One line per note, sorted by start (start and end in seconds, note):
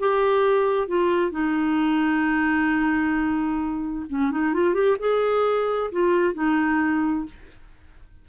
0.00 0.88 G4
0.88 1.31 F4
1.31 4.06 D#4
4.09 4.31 C#4
4.31 4.54 D#4
4.54 4.74 F4
4.74 4.97 G4
4.99 5.91 G#4
5.92 6.34 F4
6.34 7.26 D#4